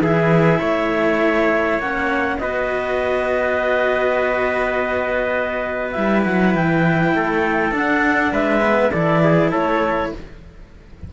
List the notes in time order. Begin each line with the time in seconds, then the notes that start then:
0.00 E3 E4 G#4 E5
0.60 A3 C#5
1.79 A#3 C#4 F#5
2.38 B3 F#4 B4 D#5
5.92 G3 E4 E5
6.25 F#3 F#5
6.55 E3 G5
7.14 A3 A4
7.72 D4 F#5
8.32 G#3 B4 E5
8.61 B3
8.91 E3 E4 A4 D5
9.24 G#4
9.52 A3 A4 C#5